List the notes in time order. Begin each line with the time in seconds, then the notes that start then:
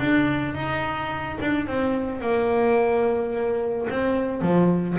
0.00 D4
0.55 D#4
1.41 D4
1.67 C4
2.21 A#3
3.90 C4
4.42 F3